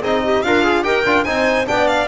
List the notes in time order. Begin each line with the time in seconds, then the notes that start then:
0.00 C4 D#4 G#4 D#5
0.25 G4
0.43 D4 F4 A#4 F5
0.64 G#4
0.84 D#4 G4 A#4 G5
1.06 D4 F4
1.24 C4 D#4 C5 G#5
1.66 B3 D4 D5 G5
1.88 F5